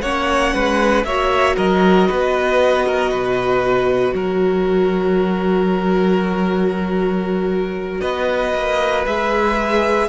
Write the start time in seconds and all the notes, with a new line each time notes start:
0.00 A#3 C#4 C#5 F#5
0.53 G#3 B4
1.04 A#3 F#4 C#5 E5
1.55 F#3 A#4 D#5
2.07 B3 B4
2.86 A#4
3.10 B2 B4
4.13 F#3 A#4 C#5
8.00 B3 B4 D#5
8.54 A#3
9.06 G#3 G#4 E5